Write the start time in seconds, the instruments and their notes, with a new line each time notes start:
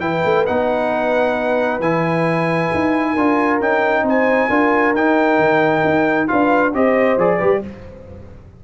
0.00 tuba E3, trombone E4, horn B4, trumpet G5
0.25 tuba A3
0.47 tuba B3, trombone D#4, trumpet F#5
1.80 tuba E3, trombone E4, trumpet G#5
2.74 tuba D#4
3.13 tuba D4, trombone F4, horn A#4
3.60 tuba C#4, trombone D#4, trumpet G5
4.03 tuba C4, horn C5, trumpet G#5
4.49 tuba D4, trombone F4, horn A#4
4.94 tuba D#4, trombone D#4, trumpet G5
5.38 tuba D#3
5.85 tuba D#4
6.28 tuba D4, trombone F4, horn B4, trumpet F5
6.74 tuba C4, trombone G4, horn C5, trumpet D#5
7.18 tuba F3, trombone G#4, trumpet D5
7.38 tuba G3, trombone G4, horn B4